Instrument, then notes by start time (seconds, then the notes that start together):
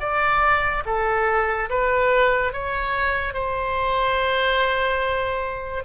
oboe
0.00 D5
0.86 A4
1.70 B4
2.53 C#5
3.34 C5